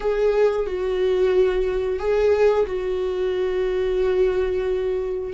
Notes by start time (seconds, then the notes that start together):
0.00 G#4
0.66 F#4
1.99 G#4
2.66 F#4